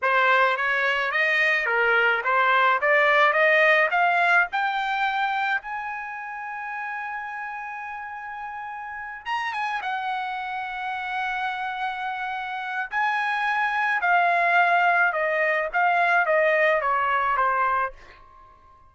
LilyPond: \new Staff \with { instrumentName = "trumpet" } { \time 4/4 \tempo 4 = 107 c''4 cis''4 dis''4 ais'4 | c''4 d''4 dis''4 f''4 | g''2 gis''2~ | gis''1~ |
gis''8 ais''8 gis''8 fis''2~ fis''8~ | fis''2. gis''4~ | gis''4 f''2 dis''4 | f''4 dis''4 cis''4 c''4 | }